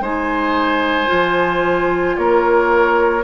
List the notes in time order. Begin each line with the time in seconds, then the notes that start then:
0.00 G#3 D#4 C5 G#5
1.07 F3 F4
2.17 A#3 A#4 C#5